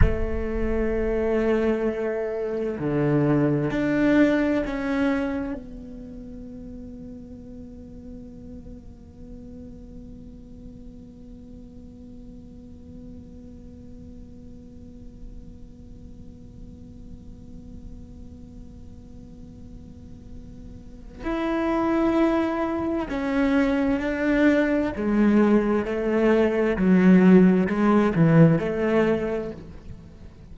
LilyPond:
\new Staff \with { instrumentName = "cello" } { \time 4/4 \tempo 4 = 65 a2. d4 | d'4 cis'4 b2~ | b1~ | b1~ |
b1~ | b2. e'4~ | e'4 cis'4 d'4 gis4 | a4 fis4 gis8 e8 a4 | }